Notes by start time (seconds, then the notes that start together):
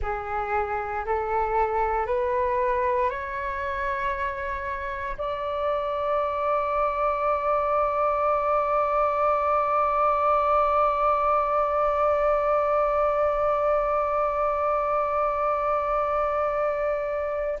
0.01 G#4
1.05 A4
2.06 B4
3.10 C#5
5.17 D5